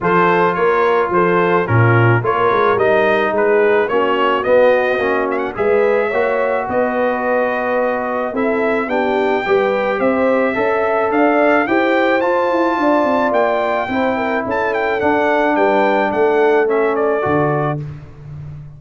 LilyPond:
<<
  \new Staff \with { instrumentName = "trumpet" } { \time 4/4 \tempo 4 = 108 c''4 cis''4 c''4 ais'4 | cis''4 dis''4 b'4 cis''4 | dis''4. e''16 fis''16 e''2 | dis''2. e''4 |
g''2 e''2 | f''4 g''4 a''2 | g''2 a''8 g''8 fis''4 | g''4 fis''4 e''8 d''4. | }
  \new Staff \with { instrumentName = "horn" } { \time 4/4 a'4 ais'4 a'4 f'4 | ais'2 gis'4 fis'4~ | fis'2 b'4 cis''4 | b'2. a'4 |
g'4 b'4 c''4 e''4 | d''4 c''2 d''4~ | d''4 c''8 ais'8 a'2 | b'4 a'2. | }
  \new Staff \with { instrumentName = "trombone" } { \time 4/4 f'2. cis'4 | f'4 dis'2 cis'4 | b4 cis'4 gis'4 fis'4~ | fis'2. e'4 |
d'4 g'2 a'4~ | a'4 g'4 f'2~ | f'4 e'2 d'4~ | d'2 cis'4 fis'4 | }
  \new Staff \with { instrumentName = "tuba" } { \time 4/4 f4 ais4 f4 ais,4 | ais8 gis8 g4 gis4 ais4 | b4 ais4 gis4 ais4 | b2. c'4 |
b4 g4 c'4 cis'4 | d'4 e'4 f'8 e'8 d'8 c'8 | ais4 c'4 cis'4 d'4 | g4 a2 d4 | }
>>